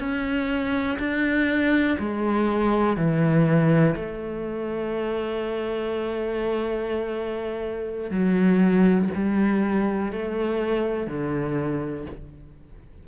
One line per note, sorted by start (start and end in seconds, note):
0.00 0.98 C#4
0.99 1.98 D4
1.99 2.97 G#3
2.97 3.95 E3
3.96 8.11 A3
8.11 9.09 F#3
9.15 10.13 G3
10.13 11.07 A3
11.07 12.06 D3